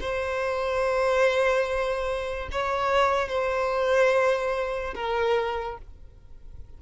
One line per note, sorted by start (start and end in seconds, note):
0.00 2.48 C5
2.51 3.28 C#5
3.28 4.94 C5
4.94 5.77 A#4